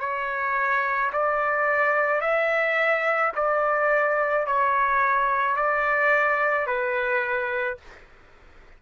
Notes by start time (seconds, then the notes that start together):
0.00 C#5
1.13 D5
2.21 E5
3.36 D5
4.47 C#5
5.57 D5
6.67 B4